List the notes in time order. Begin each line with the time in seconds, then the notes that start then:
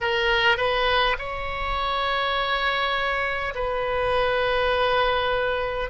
0.00 A#4
0.57 B4
1.18 C#5
3.55 B4